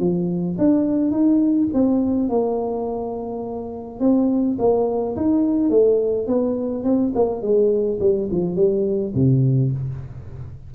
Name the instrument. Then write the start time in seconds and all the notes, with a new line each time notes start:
tuba
0.00 F3
0.59 D4
1.12 D#4
1.74 C4
2.30 A#3
4.01 C4
4.59 A#3
5.17 D#4
5.70 A3
6.28 B3
6.84 C4
7.15 A#3
7.42 G#3
8.01 G3
8.32 F3
8.56 G3
9.15 C3